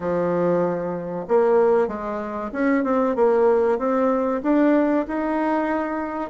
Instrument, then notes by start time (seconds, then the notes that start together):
bassoon
0.00 F3
1.28 A#3
1.87 G#3
2.52 C#4
2.84 C4
3.16 A#3
3.78 C4
4.42 D4
5.07 D#4